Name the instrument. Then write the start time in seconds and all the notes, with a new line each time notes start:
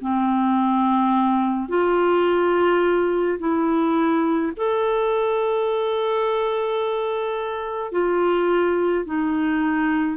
clarinet
0.00 C4
1.68 F4
3.39 E4
4.56 A4
7.91 F4
9.05 D#4